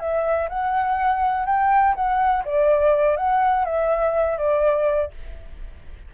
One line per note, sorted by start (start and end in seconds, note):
0.00 0.49 E5
0.49 1.46 F#5
1.46 1.95 G5
1.95 2.44 F#5
2.45 3.16 D5
3.16 3.65 F#5
3.65 4.38 E5
4.38 5.11 D5